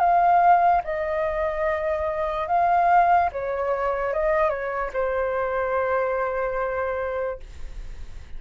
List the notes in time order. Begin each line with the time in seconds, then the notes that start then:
0.00 F5
0.84 D#5
2.48 F5
3.33 C#5
4.14 D#5
4.50 C#5
4.94 C5